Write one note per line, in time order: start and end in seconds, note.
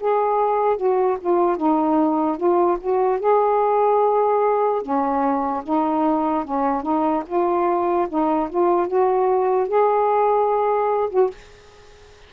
0.00 0.77 G#4
0.77 1.18 F#4
1.21 1.57 F4
1.57 2.37 D#4
2.37 2.78 F4
2.80 3.20 F#4
3.20 4.82 G#4
4.82 5.64 C#4
5.64 6.45 D#4
6.45 6.83 C#4
6.83 7.23 D#4
7.26 8.07 F4
8.09 8.50 D#4
8.50 8.87 F4
8.87 9.68 F#4
9.68 11.10 G#4
11.10 11.30 F#4